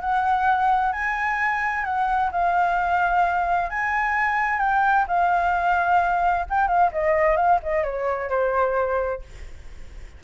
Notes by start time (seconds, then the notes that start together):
0.00 F#5
0.92 G#5
1.84 F#5
2.31 F5
3.70 G#5
4.59 G5
5.07 F5
6.50 G5
6.67 F5
6.92 D#5
7.36 F5
7.63 D#5
7.83 C#5
8.30 C5